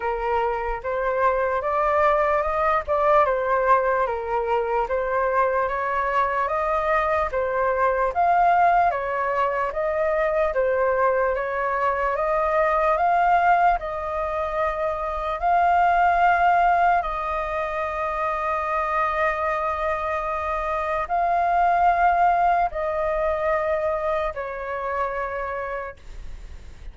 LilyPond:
\new Staff \with { instrumentName = "flute" } { \time 4/4 \tempo 4 = 74 ais'4 c''4 d''4 dis''8 d''8 | c''4 ais'4 c''4 cis''4 | dis''4 c''4 f''4 cis''4 | dis''4 c''4 cis''4 dis''4 |
f''4 dis''2 f''4~ | f''4 dis''2.~ | dis''2 f''2 | dis''2 cis''2 | }